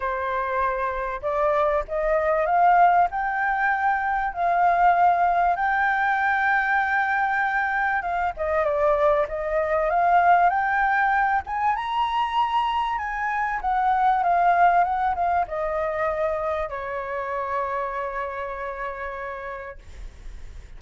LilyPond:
\new Staff \with { instrumentName = "flute" } { \time 4/4 \tempo 4 = 97 c''2 d''4 dis''4 | f''4 g''2 f''4~ | f''4 g''2.~ | g''4 f''8 dis''8 d''4 dis''4 |
f''4 g''4. gis''8 ais''4~ | ais''4 gis''4 fis''4 f''4 | fis''8 f''8 dis''2 cis''4~ | cis''1 | }